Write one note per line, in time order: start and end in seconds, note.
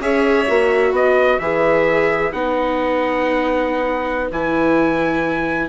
0.00 0.47 C#4
0.00 0.47 G#4
0.00 0.93 C#5
0.00 0.95 E5
0.48 0.92 A#3
0.48 1.41 F#4
0.92 1.38 B3
0.92 5.69 B4
0.92 1.39 D#5
1.39 2.32 E3
1.39 2.33 G#4
1.39 2.32 E5
2.32 4.30 B3
2.32 4.30 D#4
2.32 4.30 F#5
4.31 5.69 E3
4.31 5.69 E4
4.31 5.69 G#5